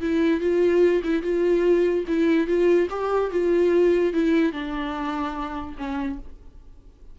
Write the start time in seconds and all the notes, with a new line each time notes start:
0.00 E4
0.40 F4
1.03 E4
1.22 F4
2.07 E4
2.47 F4
2.90 G4
3.31 F4
4.13 E4
4.52 D4
5.77 C#4